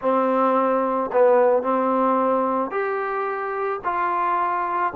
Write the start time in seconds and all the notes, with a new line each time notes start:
0.01 C4
1.12 B3
1.62 C4
2.70 G4
3.84 F4